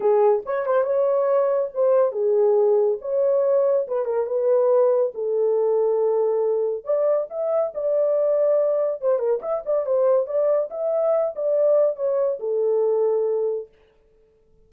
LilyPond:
\new Staff \with { instrumentName = "horn" } { \time 4/4 \tempo 4 = 140 gis'4 cis''8 c''8 cis''2 | c''4 gis'2 cis''4~ | cis''4 b'8 ais'8 b'2 | a'1 |
d''4 e''4 d''2~ | d''4 c''8 ais'8 e''8 d''8 c''4 | d''4 e''4. d''4. | cis''4 a'2. | }